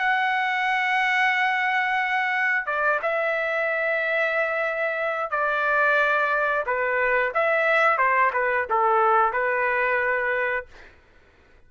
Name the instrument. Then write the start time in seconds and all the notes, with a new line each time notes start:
trumpet
0.00 F#5
2.67 D5
3.03 E5
5.31 D5
6.67 B4
7.35 E5
7.98 C5
8.34 B4
8.70 A4
9.33 B4